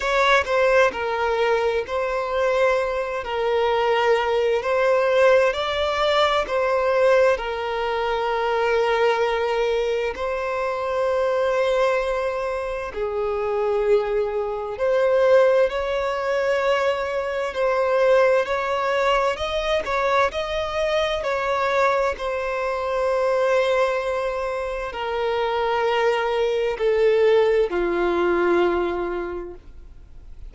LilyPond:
\new Staff \with { instrumentName = "violin" } { \time 4/4 \tempo 4 = 65 cis''8 c''8 ais'4 c''4. ais'8~ | ais'4 c''4 d''4 c''4 | ais'2. c''4~ | c''2 gis'2 |
c''4 cis''2 c''4 | cis''4 dis''8 cis''8 dis''4 cis''4 | c''2. ais'4~ | ais'4 a'4 f'2 | }